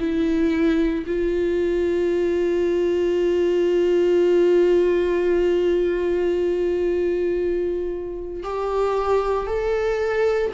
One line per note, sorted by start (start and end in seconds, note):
0.00 1.05 E4
1.07 8.44 F4
8.44 9.47 G4
9.47 10.53 A4